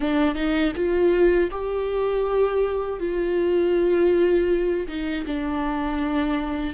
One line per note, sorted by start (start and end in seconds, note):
0.00 0.34 D4
0.34 0.72 D#4
0.75 1.50 F4
1.50 2.99 G4
2.99 4.87 F4
4.88 5.25 D#4
5.26 6.73 D4